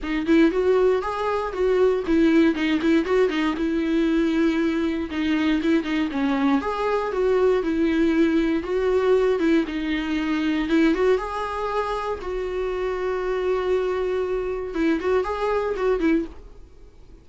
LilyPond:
\new Staff \with { instrumentName = "viola" } { \time 4/4 \tempo 4 = 118 dis'8 e'8 fis'4 gis'4 fis'4 | e'4 dis'8 e'8 fis'8 dis'8 e'4~ | e'2 dis'4 e'8 dis'8 | cis'4 gis'4 fis'4 e'4~ |
e'4 fis'4. e'8 dis'4~ | dis'4 e'8 fis'8 gis'2 | fis'1~ | fis'4 e'8 fis'8 gis'4 fis'8 e'8 | }